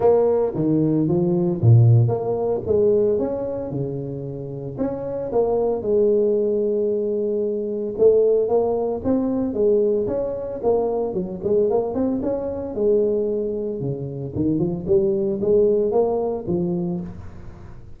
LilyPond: \new Staff \with { instrumentName = "tuba" } { \time 4/4 \tempo 4 = 113 ais4 dis4 f4 ais,4 | ais4 gis4 cis'4 cis4~ | cis4 cis'4 ais4 gis4~ | gis2. a4 |
ais4 c'4 gis4 cis'4 | ais4 fis8 gis8 ais8 c'8 cis'4 | gis2 cis4 dis8 f8 | g4 gis4 ais4 f4 | }